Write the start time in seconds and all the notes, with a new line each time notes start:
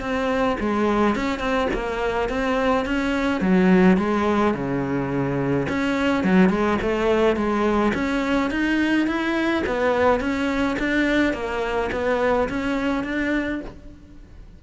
0.00 C4
0.59 G#3
1.15 C#4
1.39 C4
1.73 A#3
2.28 C4
2.85 C#4
3.41 F#3
3.97 G#3
4.54 C#3
5.68 C#4
6.23 F#3
6.49 G#3
6.82 A3
7.36 G#3
7.94 C#4
8.50 D#4
9.06 E4
9.66 B3
10.20 C#4
10.79 D4
11.33 A#3
11.92 B3
12.49 C#4
13.03 D4